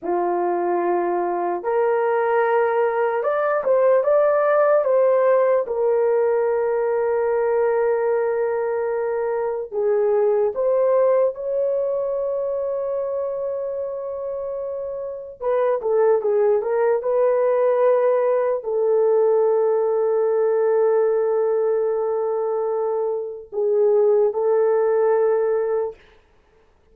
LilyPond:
\new Staff \with { instrumentName = "horn" } { \time 4/4 \tempo 4 = 74 f'2 ais'2 | d''8 c''8 d''4 c''4 ais'4~ | ais'1 | gis'4 c''4 cis''2~ |
cis''2. b'8 a'8 | gis'8 ais'8 b'2 a'4~ | a'1~ | a'4 gis'4 a'2 | }